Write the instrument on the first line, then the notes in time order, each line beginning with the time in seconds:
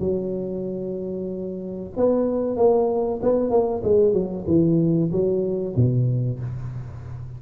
tuba
0.00 F#3
1.97 B3
2.57 A#3
3.23 B3
3.50 A#3
3.84 G#3
4.13 F#3
4.47 E3
5.12 F#3
5.76 B2